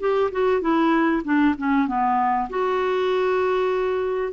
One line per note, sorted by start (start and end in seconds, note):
0.00 0.31 G4
0.31 0.61 F#4
0.61 1.22 E4
1.24 1.55 D4
1.58 1.88 C#4
1.88 2.49 B3
2.50 4.33 F#4